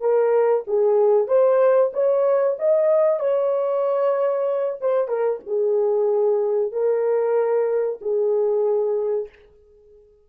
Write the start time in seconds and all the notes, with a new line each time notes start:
0.00 A#4
0.67 G#4
1.27 C5
1.93 C#5
2.58 D#5
3.19 C#5
4.81 C5
5.07 A#4
5.46 G#4
6.72 A#4
8.01 G#4